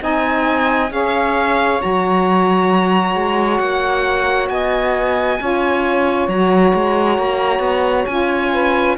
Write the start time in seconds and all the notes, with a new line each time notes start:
0.00 C4 D#4 D#5 G#5
0.91 C#4 G#4 C#5 F5
1.80 F#3 F#4 A#5
3.15 G#3
3.58 A#3 F#5
4.49 B3 D#5 G#5
5.40 C#4 F4 C#5
6.28 F#3 F#4 A#5
6.75 G#3
7.19 A#3
7.60 B3
8.06 C#4 F4 G#5
8.53 B4